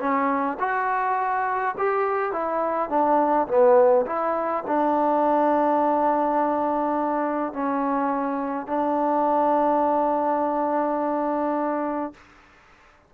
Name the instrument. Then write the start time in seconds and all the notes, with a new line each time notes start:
trombone
0.00 C#4
0.60 F#4
1.78 G4
2.33 E4
2.90 D4
3.48 B3
4.06 E4
4.68 D4
7.53 C#4
8.67 D4